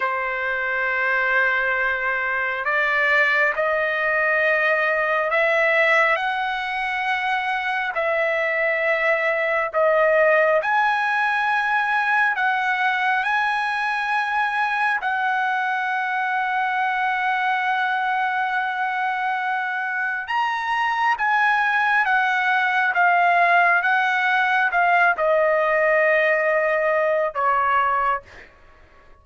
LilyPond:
\new Staff \with { instrumentName = "trumpet" } { \time 4/4 \tempo 4 = 68 c''2. d''4 | dis''2 e''4 fis''4~ | fis''4 e''2 dis''4 | gis''2 fis''4 gis''4~ |
gis''4 fis''2.~ | fis''2. ais''4 | gis''4 fis''4 f''4 fis''4 | f''8 dis''2~ dis''8 cis''4 | }